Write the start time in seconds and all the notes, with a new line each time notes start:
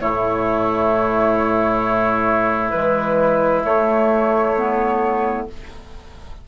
0.00 A2 A3 E4 C#5
2.70 E3 G#3 B4
3.64 A3 C#5
4.57 B3